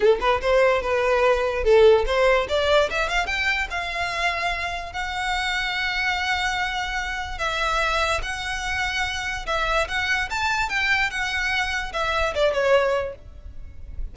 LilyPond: \new Staff \with { instrumentName = "violin" } { \time 4/4 \tempo 4 = 146 a'8 b'8 c''4 b'2 | a'4 c''4 d''4 e''8 f''8 | g''4 f''2. | fis''1~ |
fis''2 e''2 | fis''2. e''4 | fis''4 a''4 g''4 fis''4~ | fis''4 e''4 d''8 cis''4. | }